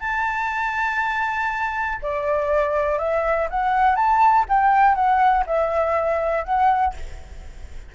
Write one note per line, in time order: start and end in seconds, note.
0.00 1.98 A5
2.02 2.98 D5
2.98 3.48 E5
3.50 3.96 F#5
3.96 4.45 A5
4.49 4.95 G5
4.95 5.44 F#5
5.46 6.44 E5
6.44 6.94 F#5